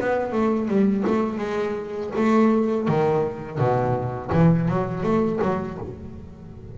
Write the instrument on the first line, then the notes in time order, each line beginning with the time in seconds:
double bass
0.00 B3
0.32 A3
0.68 G3
1.06 A3
1.38 G#3
2.16 A3
2.88 D#3
3.58 B2
4.32 E3
4.68 F#3
5.03 A3
5.41 F#3